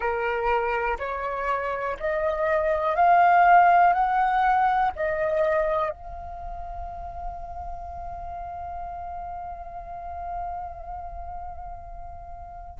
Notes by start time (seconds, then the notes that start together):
0.00 A#4
0.98 C#5
1.99 D#5
2.95 F5
3.93 F#5
4.95 D#5
5.90 F5